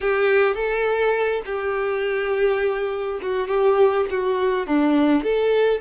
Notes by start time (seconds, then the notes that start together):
0.01 G4
0.54 A4
1.45 G4
3.22 F#4
3.47 G4
4.10 F#4
4.67 D4
5.23 A4